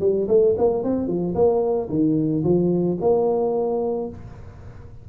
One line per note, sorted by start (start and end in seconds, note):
0.00 0.27 G3
0.28 0.55 A3
0.57 0.83 A#3
0.83 1.07 C4
1.07 1.34 F3
1.35 1.89 A#3
1.89 2.43 D#3
2.43 2.98 F3
3.00 4.09 A#3